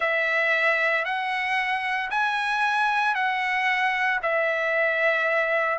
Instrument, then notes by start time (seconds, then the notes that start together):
trumpet
0.00 E5
1.04 F#5
2.10 G#5
3.14 F#5
4.22 E5